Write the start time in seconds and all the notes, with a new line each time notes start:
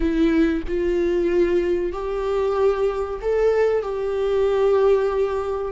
0.00 E4
0.67 F4
1.92 G4
3.21 A4
3.82 G4